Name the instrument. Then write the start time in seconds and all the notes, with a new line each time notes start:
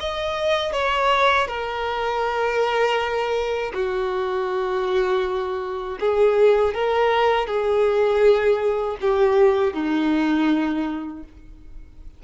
violin
0.00 D#5
0.73 C#5
1.48 A#4
3.74 F#4
6.00 G#4
6.74 A#4
7.47 G#4
9.01 G4
9.74 D#4